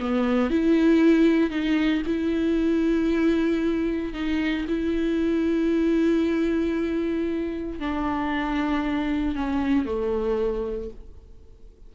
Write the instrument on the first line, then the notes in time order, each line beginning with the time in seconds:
viola
0.00 B3
0.51 E4
1.50 D#4
2.06 E4
4.14 D#4
4.68 E4
7.80 D4
9.36 C#4
9.86 A3